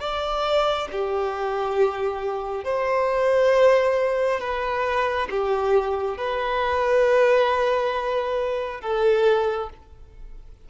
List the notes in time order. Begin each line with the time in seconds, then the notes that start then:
0.00 D5
0.92 G4
2.64 C5
4.40 B4
5.30 G4
6.17 B4
8.81 A4